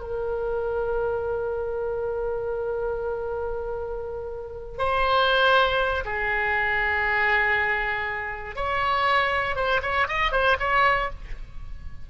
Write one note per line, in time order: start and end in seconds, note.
0.00 4.78 A#4
4.78 6.04 C5
6.05 8.55 G#4
8.55 9.55 C#5
9.55 9.81 C5
9.82 10.07 C#5
10.07 10.32 D#5
10.32 10.57 C5
10.59 11.09 C#5